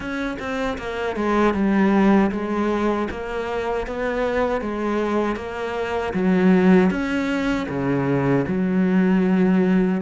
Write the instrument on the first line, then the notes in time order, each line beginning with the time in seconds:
cello
0.00 C#4
0.39 C4
0.77 A#3
1.16 G#3
1.53 G3
2.31 G#3
3.10 A#3
3.86 B3
4.61 G#3
5.36 A#3
6.13 F#3
6.90 C#4
7.68 C#3
8.47 F#3